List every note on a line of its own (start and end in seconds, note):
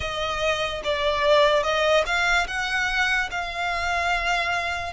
0.00 0.82 D#5
0.84 1.63 D5
1.63 2.04 D#5
2.05 2.47 F5
2.47 3.29 F#5
3.30 4.92 F5